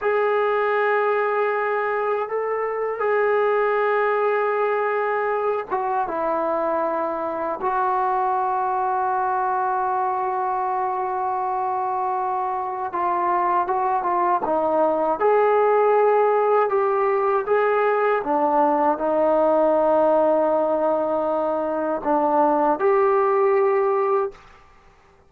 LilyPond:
\new Staff \with { instrumentName = "trombone" } { \time 4/4 \tempo 4 = 79 gis'2. a'4 | gis'2.~ gis'8 fis'8 | e'2 fis'2~ | fis'1~ |
fis'4 f'4 fis'8 f'8 dis'4 | gis'2 g'4 gis'4 | d'4 dis'2.~ | dis'4 d'4 g'2 | }